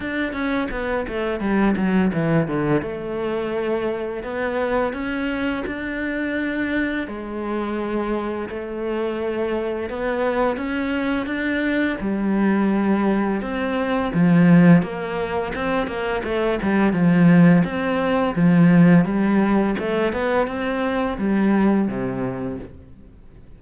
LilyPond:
\new Staff \with { instrumentName = "cello" } { \time 4/4 \tempo 4 = 85 d'8 cis'8 b8 a8 g8 fis8 e8 d8 | a2 b4 cis'4 | d'2 gis2 | a2 b4 cis'4 |
d'4 g2 c'4 | f4 ais4 c'8 ais8 a8 g8 | f4 c'4 f4 g4 | a8 b8 c'4 g4 c4 | }